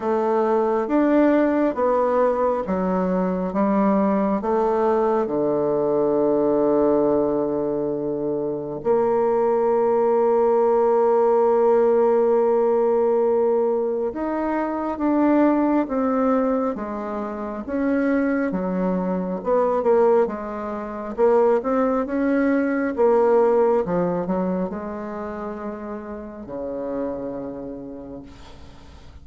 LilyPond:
\new Staff \with { instrumentName = "bassoon" } { \time 4/4 \tempo 4 = 68 a4 d'4 b4 fis4 | g4 a4 d2~ | d2 ais2~ | ais1 |
dis'4 d'4 c'4 gis4 | cis'4 fis4 b8 ais8 gis4 | ais8 c'8 cis'4 ais4 f8 fis8 | gis2 cis2 | }